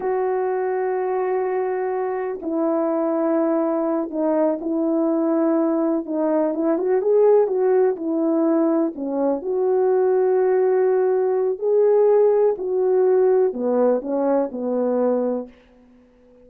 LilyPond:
\new Staff \with { instrumentName = "horn" } { \time 4/4 \tempo 4 = 124 fis'1~ | fis'4 e'2.~ | e'8 dis'4 e'2~ e'8~ | e'8 dis'4 e'8 fis'8 gis'4 fis'8~ |
fis'8 e'2 cis'4 fis'8~ | fis'1 | gis'2 fis'2 | b4 cis'4 b2 | }